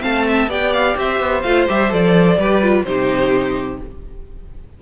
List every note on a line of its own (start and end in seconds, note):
0.00 0.47 A3
0.00 0.47 C4
0.00 0.25 F5
0.00 0.50 A5
0.27 0.50 E5
0.47 0.94 B3
0.47 1.44 G4
0.47 0.97 D5
0.47 0.73 G5
0.73 0.97 F5
0.96 1.20 C4
0.96 2.38 C5
0.96 1.42 E5
1.20 1.43 B3
1.42 1.68 A3
1.42 1.68 F4
1.42 1.66 F5
1.68 1.92 G3
1.68 1.90 G4
1.68 1.93 E5
1.90 2.38 F3
1.90 2.37 A4
1.90 2.84 D5
2.38 2.85 G3
2.38 2.62 G4
2.38 2.86 B4
2.62 2.86 F4
2.84 3.80 C3
2.84 3.81 D#4
2.84 3.82 G4
2.84 3.78 C5